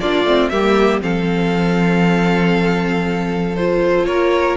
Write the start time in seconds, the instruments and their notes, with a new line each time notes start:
0.00 cello A#3, viola D4, violin F4 D5
0.24 cello A3, viola C4
0.49 cello G3, viola A#3, violin G4 E5
1.01 cello F3, viola C4, violin A4 F5
3.56 viola F4, violin C5
4.04 cello A#3, violin A#4 C#5